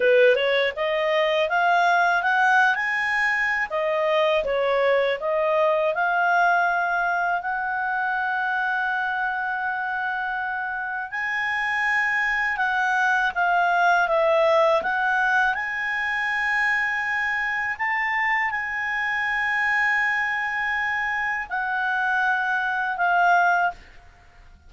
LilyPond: \new Staff \with { instrumentName = "clarinet" } { \time 4/4 \tempo 4 = 81 b'8 cis''8 dis''4 f''4 fis''8. gis''16~ | gis''4 dis''4 cis''4 dis''4 | f''2 fis''2~ | fis''2. gis''4~ |
gis''4 fis''4 f''4 e''4 | fis''4 gis''2. | a''4 gis''2.~ | gis''4 fis''2 f''4 | }